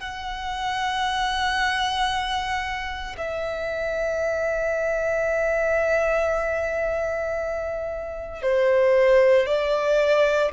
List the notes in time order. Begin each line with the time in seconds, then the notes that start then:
0.00 F#5
3.17 E5
8.42 C5
9.46 D5